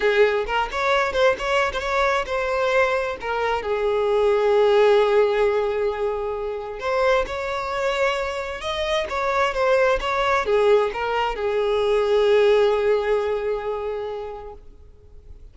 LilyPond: \new Staff \with { instrumentName = "violin" } { \time 4/4 \tempo 4 = 132 gis'4 ais'8 cis''4 c''8 cis''8. c''16 | cis''4 c''2 ais'4 | gis'1~ | gis'2. c''4 |
cis''2. dis''4 | cis''4 c''4 cis''4 gis'4 | ais'4 gis'2.~ | gis'1 | }